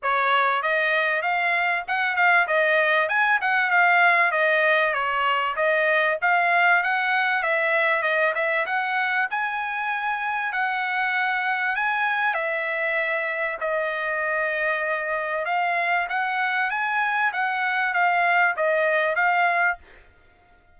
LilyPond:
\new Staff \with { instrumentName = "trumpet" } { \time 4/4 \tempo 4 = 97 cis''4 dis''4 f''4 fis''8 f''8 | dis''4 gis''8 fis''8 f''4 dis''4 | cis''4 dis''4 f''4 fis''4 | e''4 dis''8 e''8 fis''4 gis''4~ |
gis''4 fis''2 gis''4 | e''2 dis''2~ | dis''4 f''4 fis''4 gis''4 | fis''4 f''4 dis''4 f''4 | }